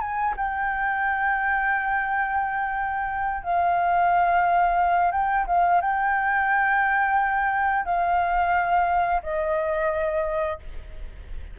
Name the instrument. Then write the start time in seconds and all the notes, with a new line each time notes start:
flute
0.00 G#5
0.37 G5
3.43 F5
5.11 G5
5.47 F5
5.81 G5
7.85 F5
9.23 D#5